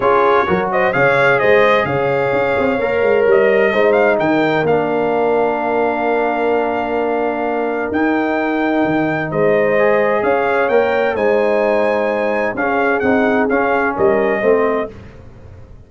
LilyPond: <<
  \new Staff \with { instrumentName = "trumpet" } { \time 4/4 \tempo 4 = 129 cis''4. dis''8 f''4 dis''4 | f''2. dis''4~ | dis''8 f''8 g''4 f''2~ | f''1~ |
f''4 g''2. | dis''2 f''4 g''4 | gis''2. f''4 | fis''4 f''4 dis''2 | }
  \new Staff \with { instrumentName = "horn" } { \time 4/4 gis'4 ais'8 c''8 cis''4 c''4 | cis''1 | c''4 ais'2.~ | ais'1~ |
ais'1 | c''2 cis''2 | c''2. gis'4~ | gis'2 ais'4 c''4 | }
  \new Staff \with { instrumentName = "trombone" } { \time 4/4 f'4 fis'4 gis'2~ | gis'2 ais'2 | dis'2 d'2~ | d'1~ |
d'4 dis'2.~ | dis'4 gis'2 ais'4 | dis'2. cis'4 | dis'4 cis'2 c'4 | }
  \new Staff \with { instrumentName = "tuba" } { \time 4/4 cis'4 fis4 cis4 gis4 | cis4 cis'8 c'8 ais8 gis8 g4 | gis4 dis4 ais2~ | ais1~ |
ais4 dis'2 dis4 | gis2 cis'4 ais4 | gis2. cis'4 | c'4 cis'4 g4 a4 | }
>>